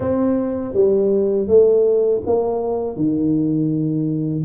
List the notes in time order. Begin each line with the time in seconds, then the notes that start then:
0.00 C4
0.73 G3
1.47 A3
2.26 A#3
2.96 D#3